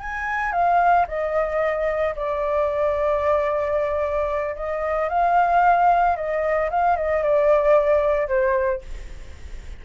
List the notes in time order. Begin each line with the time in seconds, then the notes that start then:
0.00 G#5
0.52 F5
1.08 D#5
2.16 D5
4.56 D#5
5.09 F5
6.17 D#5
6.70 F5
6.96 D#5
7.23 D5
8.28 C5